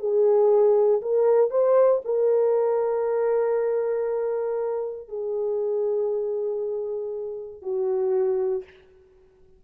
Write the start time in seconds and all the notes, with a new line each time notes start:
0.00 G#4
1.02 A#4
1.51 C5
2.05 A#4
5.09 G#4
7.62 F#4